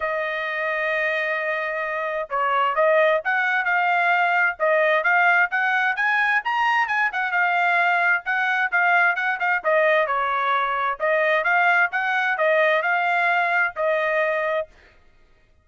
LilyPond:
\new Staff \with { instrumentName = "trumpet" } { \time 4/4 \tempo 4 = 131 dis''1~ | dis''4 cis''4 dis''4 fis''4 | f''2 dis''4 f''4 | fis''4 gis''4 ais''4 gis''8 fis''8 |
f''2 fis''4 f''4 | fis''8 f''8 dis''4 cis''2 | dis''4 f''4 fis''4 dis''4 | f''2 dis''2 | }